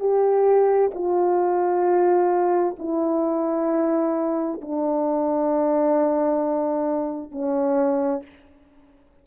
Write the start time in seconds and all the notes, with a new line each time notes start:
0.00 G4
0.94 F4
2.79 E4
4.62 D4
7.31 C#4